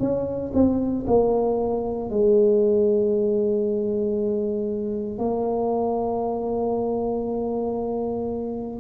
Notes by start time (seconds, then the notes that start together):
0.00 C#4
0.54 C4
1.07 A#3
2.10 G#3
5.19 A#3